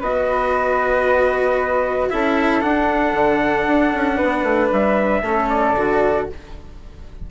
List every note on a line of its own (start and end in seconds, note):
0.00 2.10 B3
0.00 2.10 F#4
0.00 2.09 B4
0.00 2.10 D#5
2.10 2.64 C#4
2.10 2.62 E4
2.10 4.17 A4
2.10 2.62 E5
2.62 5.23 D4
2.62 3.13 D4
2.62 4.70 F#5
3.13 3.65 D3
3.68 3.94 D4
3.94 4.21 C#4
4.17 5.21 B4
4.24 4.43 B3
4.43 4.69 A3
4.73 5.22 G3
4.73 5.49 E5
5.22 5.74 A3
5.22 5.76 C#4
5.22 6.31 A4
5.49 6.28 D5
5.77 6.29 D3
5.77 6.29 F#4